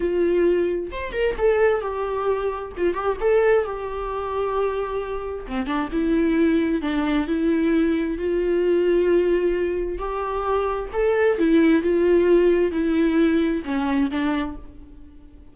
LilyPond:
\new Staff \with { instrumentName = "viola" } { \time 4/4 \tempo 4 = 132 f'2 c''8 ais'8 a'4 | g'2 f'8 g'8 a'4 | g'1 | c'8 d'8 e'2 d'4 |
e'2 f'2~ | f'2 g'2 | a'4 e'4 f'2 | e'2 cis'4 d'4 | }